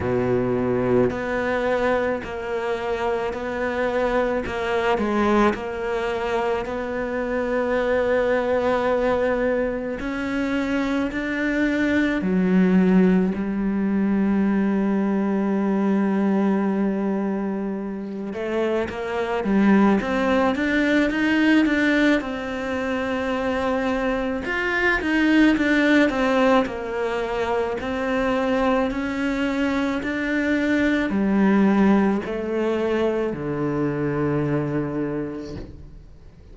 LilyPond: \new Staff \with { instrumentName = "cello" } { \time 4/4 \tempo 4 = 54 b,4 b4 ais4 b4 | ais8 gis8 ais4 b2~ | b4 cis'4 d'4 fis4 | g1~ |
g8 a8 ais8 g8 c'8 d'8 dis'8 d'8 | c'2 f'8 dis'8 d'8 c'8 | ais4 c'4 cis'4 d'4 | g4 a4 d2 | }